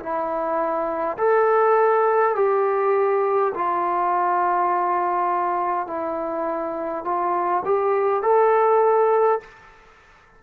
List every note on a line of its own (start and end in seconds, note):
0.00 1.18 E4
1.18 2.36 A4
2.36 3.53 G4
3.55 5.88 F4
5.88 7.05 E4
7.05 7.64 F4
7.66 8.23 G4
8.23 9.41 A4